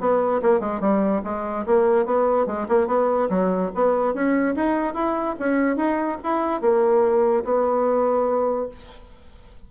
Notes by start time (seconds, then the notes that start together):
0.00 B3
0.42 A#3
0.60 G#3
0.80 G3
1.24 G#3
1.66 A#3
2.06 B3
2.46 G#3
2.69 A#3
2.87 B3
3.30 F#3
3.75 B3
4.14 C#4
4.56 D#4
4.94 E4
5.39 C#4
5.77 D#4
6.23 E4
6.61 A#3
7.44 B3